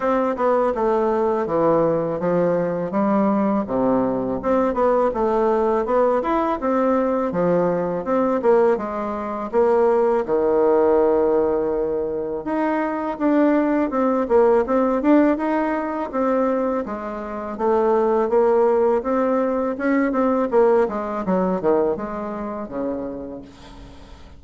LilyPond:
\new Staff \with { instrumentName = "bassoon" } { \time 4/4 \tempo 4 = 82 c'8 b8 a4 e4 f4 | g4 c4 c'8 b8 a4 | b8 e'8 c'4 f4 c'8 ais8 | gis4 ais4 dis2~ |
dis4 dis'4 d'4 c'8 ais8 | c'8 d'8 dis'4 c'4 gis4 | a4 ais4 c'4 cis'8 c'8 | ais8 gis8 fis8 dis8 gis4 cis4 | }